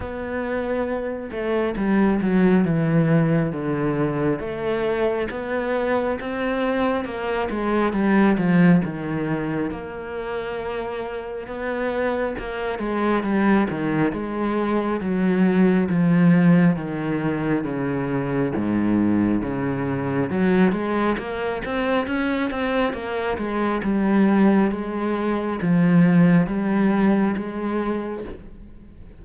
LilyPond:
\new Staff \with { instrumentName = "cello" } { \time 4/4 \tempo 4 = 68 b4. a8 g8 fis8 e4 | d4 a4 b4 c'4 | ais8 gis8 g8 f8 dis4 ais4~ | ais4 b4 ais8 gis8 g8 dis8 |
gis4 fis4 f4 dis4 | cis4 gis,4 cis4 fis8 gis8 | ais8 c'8 cis'8 c'8 ais8 gis8 g4 | gis4 f4 g4 gis4 | }